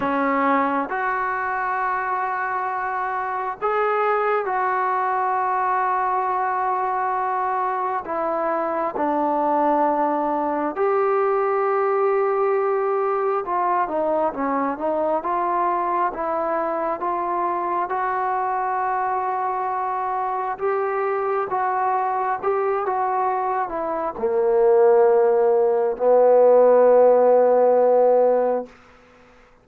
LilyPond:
\new Staff \with { instrumentName = "trombone" } { \time 4/4 \tempo 4 = 67 cis'4 fis'2. | gis'4 fis'2.~ | fis'4 e'4 d'2 | g'2. f'8 dis'8 |
cis'8 dis'8 f'4 e'4 f'4 | fis'2. g'4 | fis'4 g'8 fis'4 e'8 ais4~ | ais4 b2. | }